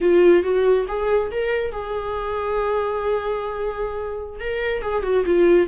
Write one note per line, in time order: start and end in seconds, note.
0.00 0.43 F4
0.43 0.86 F#4
0.88 1.31 G#4
1.31 1.72 A#4
1.72 4.39 G#4
4.40 4.82 A#4
4.82 5.03 G#4
5.03 5.24 F#4
5.25 5.67 F4